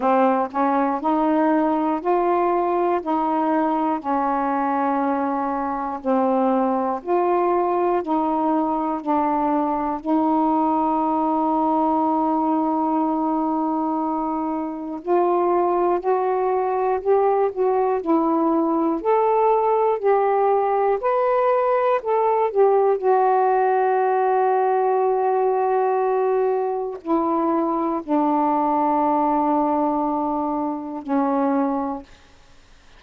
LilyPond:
\new Staff \with { instrumentName = "saxophone" } { \time 4/4 \tempo 4 = 60 c'8 cis'8 dis'4 f'4 dis'4 | cis'2 c'4 f'4 | dis'4 d'4 dis'2~ | dis'2. f'4 |
fis'4 g'8 fis'8 e'4 a'4 | g'4 b'4 a'8 g'8 fis'4~ | fis'2. e'4 | d'2. cis'4 | }